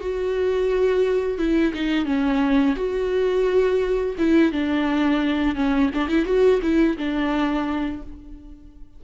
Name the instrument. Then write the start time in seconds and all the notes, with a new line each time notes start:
viola
0.00 F#4
1.38 E4
1.74 D#4
2.05 C#4
2.76 F#4
4.18 E4
4.53 D4
5.56 C#4
5.94 D4
6.09 E4
6.25 F#4
6.62 E4
6.98 D4